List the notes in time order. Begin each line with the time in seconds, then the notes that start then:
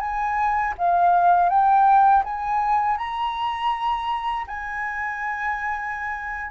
0.00 G#5
0.78 F5
1.49 G5
2.24 G#5
2.97 A#5
4.47 G#5